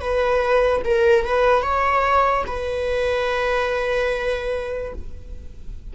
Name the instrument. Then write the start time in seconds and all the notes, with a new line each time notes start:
viola
0.00 B4
0.84 A#4
1.25 B4
1.62 C#5
2.47 B4